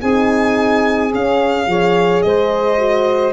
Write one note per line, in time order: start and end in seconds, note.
0.00 1.14 C4
0.00 1.12 D#4
0.00 1.67 G#4
0.00 1.13 G#5
1.12 1.67 C#4
1.12 2.22 F5
1.67 2.23 F3
1.67 2.78 G#4
1.67 2.25 C#5
2.22 3.33 G#3
2.22 3.33 C5
2.22 3.33 D#5
2.78 3.33 F#4